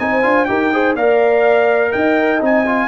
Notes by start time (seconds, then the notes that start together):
0.00 C4 D#4 C5 G#5
0.22 D4 F4
0.45 D#4 G4 A#4 G5
0.73 G#4 C5
0.95 A#3 A#4 D5 F5
1.91 D#4 D#5 G5
2.41 C4 D#4 G#5
2.66 F4